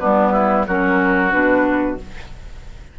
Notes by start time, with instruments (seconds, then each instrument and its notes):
0.00 bassoon G3, clarinet B3, oboe D4, flute B4
0.33 oboe E4
0.68 bassoon F#3, clarinet C#4, oboe F#4, flute A#4
1.31 bassoon B2, clarinet D4, flute B4